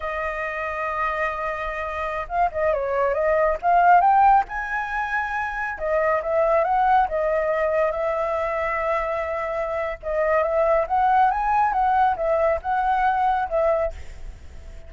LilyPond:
\new Staff \with { instrumentName = "flute" } { \time 4/4 \tempo 4 = 138 dis''1~ | dis''4~ dis''16 f''8 dis''8 cis''4 dis''8.~ | dis''16 f''4 g''4 gis''4.~ gis''16~ | gis''4~ gis''16 dis''4 e''4 fis''8.~ |
fis''16 dis''2 e''4.~ e''16~ | e''2. dis''4 | e''4 fis''4 gis''4 fis''4 | e''4 fis''2 e''4 | }